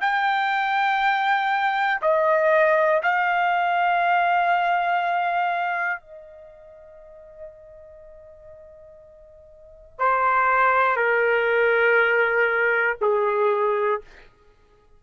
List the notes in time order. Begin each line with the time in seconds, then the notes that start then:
0.00 G5
2.01 D#5
3.03 F5
6.00 D#5
9.99 C5
10.96 A#4
13.01 G#4